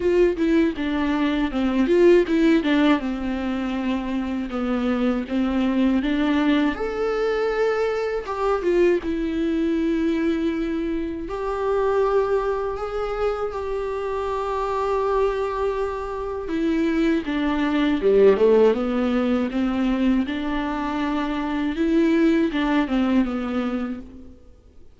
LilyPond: \new Staff \with { instrumentName = "viola" } { \time 4/4 \tempo 4 = 80 f'8 e'8 d'4 c'8 f'8 e'8 d'8 | c'2 b4 c'4 | d'4 a'2 g'8 f'8 | e'2. g'4~ |
g'4 gis'4 g'2~ | g'2 e'4 d'4 | g8 a8 b4 c'4 d'4~ | d'4 e'4 d'8 c'8 b4 | }